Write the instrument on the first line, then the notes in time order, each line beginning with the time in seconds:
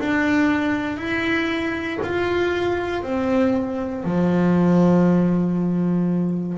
double bass
0.00 D4
0.98 E4
2.03 F4
3.03 C4
4.05 F3